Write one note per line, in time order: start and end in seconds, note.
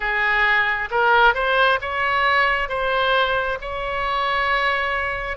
0.00 0.89 G#4
0.90 1.34 A#4
1.34 1.79 C5
1.81 2.68 C#5
2.68 3.58 C5
3.61 5.37 C#5